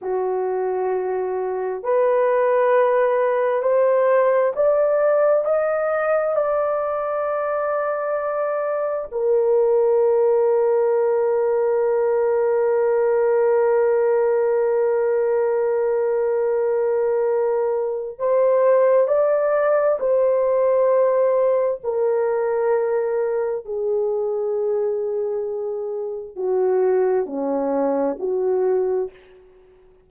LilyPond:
\new Staff \with { instrumentName = "horn" } { \time 4/4 \tempo 4 = 66 fis'2 b'2 | c''4 d''4 dis''4 d''4~ | d''2 ais'2~ | ais'1~ |
ais'1 | c''4 d''4 c''2 | ais'2 gis'2~ | gis'4 fis'4 cis'4 fis'4 | }